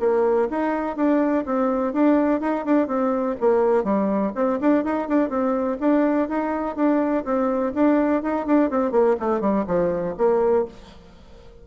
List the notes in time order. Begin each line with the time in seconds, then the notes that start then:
0.00 A#3
0.50 D#4
0.96 D4
1.46 C4
1.93 D4
2.41 D#4
2.65 D4
2.87 C4
3.40 A#3
3.84 G3
4.35 C4
4.61 D4
4.84 D#4
5.08 D4
5.29 C4
5.80 D4
6.29 D#4
6.76 D4
7.24 C4
7.74 D4
8.23 D#4
8.46 D4
8.70 C4
8.92 A#3
9.20 A3
9.41 G3
9.67 F3
10.17 A#3